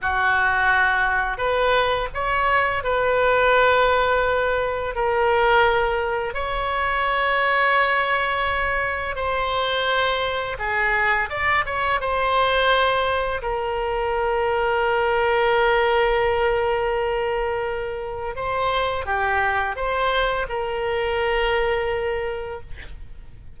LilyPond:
\new Staff \with { instrumentName = "oboe" } { \time 4/4 \tempo 4 = 85 fis'2 b'4 cis''4 | b'2. ais'4~ | ais'4 cis''2.~ | cis''4 c''2 gis'4 |
d''8 cis''8 c''2 ais'4~ | ais'1~ | ais'2 c''4 g'4 | c''4 ais'2. | }